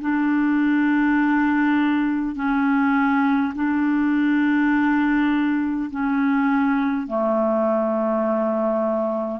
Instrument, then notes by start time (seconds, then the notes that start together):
clarinet
0.00 D4
2.35 C#4
3.55 D4
5.90 C#4
7.06 A3